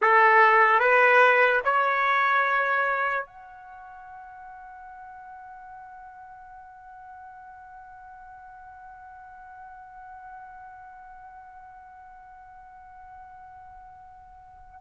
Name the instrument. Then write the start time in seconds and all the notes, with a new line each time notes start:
trumpet
0.01 A4
0.79 B4
1.64 C#5
3.25 F#5